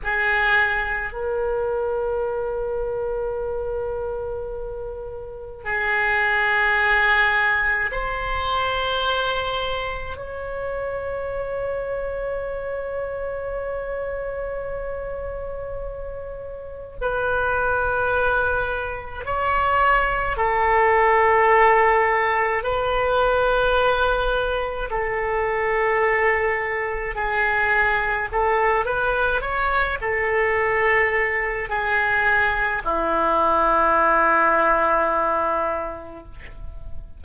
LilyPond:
\new Staff \with { instrumentName = "oboe" } { \time 4/4 \tempo 4 = 53 gis'4 ais'2.~ | ais'4 gis'2 c''4~ | c''4 cis''2.~ | cis''2. b'4~ |
b'4 cis''4 a'2 | b'2 a'2 | gis'4 a'8 b'8 cis''8 a'4. | gis'4 e'2. | }